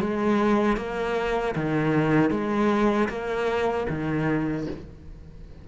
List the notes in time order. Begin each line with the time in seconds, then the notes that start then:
0.00 G#3
0.77 A#3
1.55 D#3
2.30 G#3
3.09 A#3
3.89 D#3